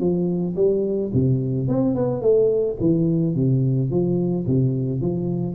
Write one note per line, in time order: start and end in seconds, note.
0.00 0.56 F3
0.56 1.12 G3
1.14 1.68 C3
1.68 1.95 C4
1.95 2.21 B3
2.21 2.77 A3
2.81 3.35 E3
3.35 3.91 C3
3.91 4.46 F3
4.47 5.01 C3
5.01 5.56 F3